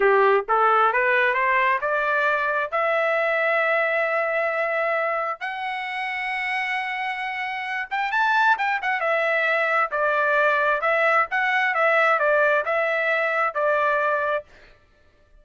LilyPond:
\new Staff \with { instrumentName = "trumpet" } { \time 4/4 \tempo 4 = 133 g'4 a'4 b'4 c''4 | d''2 e''2~ | e''1 | fis''1~ |
fis''4. g''8 a''4 g''8 fis''8 | e''2 d''2 | e''4 fis''4 e''4 d''4 | e''2 d''2 | }